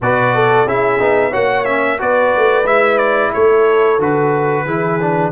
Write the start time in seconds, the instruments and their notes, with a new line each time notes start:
0.01 tuba B2, trombone F#4, horn B4, trumpet D5
0.34 horn A4
0.66 tuba C#4, trombone E4, horn G#4, trumpet E5
0.99 tuba B3, trombone D#4
1.30 tuba A#3, trombone F#4, horn C#5, trumpet F#5
1.65 trombone C#4, trumpet E5
1.98 tuba B3, trombone F#4, horn B4, trumpet D5
2.36 tuba A3
2.64 tuba G#3, trombone E4, trumpet E5
2.97 trumpet D5
3.33 tuba A3, horn A4, trumpet C#5
3.98 tuba D3, trombone F#4, trumpet B4
4.65 tuba E3, trombone E4, horn G#4
5.01 trombone D4